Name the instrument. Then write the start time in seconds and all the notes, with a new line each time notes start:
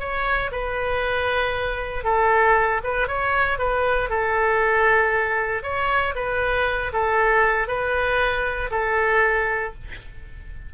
oboe
0.00 C#5
0.52 B4
2.05 A4
2.84 B4
3.08 C#5
3.59 B4
4.10 A4
5.63 C#5
6.16 B4
6.93 A4
7.68 B4
8.71 A4